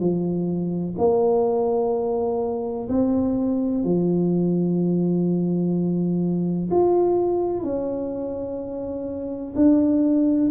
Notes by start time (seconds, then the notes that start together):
0.00 F3
0.98 A#3
2.89 C4
3.84 F3
6.71 F4
7.64 C#4
9.56 D4